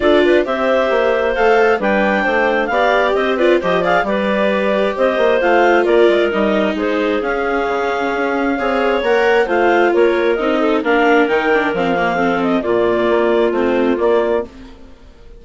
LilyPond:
<<
  \new Staff \with { instrumentName = "clarinet" } { \time 4/4 \tempo 4 = 133 d''4 e''2 f''4 | g''2 f''4 dis''8 d''8 | dis''8 f''8 d''2 dis''4 | f''4 d''4 dis''4 c''4 |
f''1 | fis''4 f''4 cis''4 dis''4 | f''4 g''4 f''4. dis''8 | d''2 c''4 d''4 | }
  \new Staff \with { instrumentName = "clarinet" } { \time 4/4 a'8 b'8 c''2. | b'4 c''4 d''4 c''8 b'8 | c''8 d''8 b'2 c''4~ | c''4 ais'2 gis'4~ |
gis'2. cis''4~ | cis''4 c''4 ais'4. a'8 | ais'2. a'4 | f'1 | }
  \new Staff \with { instrumentName = "viola" } { \time 4/4 f'4 g'2 a'4 | d'2 g'4. f'8 | g'8 gis'8 g'2. | f'2 dis'2 |
cis'2. gis'4 | ais'4 f'2 dis'4 | d'4 dis'8 d'8 c'8 ais8 c'4 | ais2 c'4 ais4 | }
  \new Staff \with { instrumentName = "bassoon" } { \time 4/4 d'4 c'4 ais4 a4 | g4 a4 b4 c'4 | f4 g2 c'8 ais8 | a4 ais8 gis8 g4 gis4 |
cis'4 cis4 cis'4 c'4 | ais4 a4 ais4 c'4 | ais4 dis4 f2 | ais,4 ais4 a4 ais4 | }
>>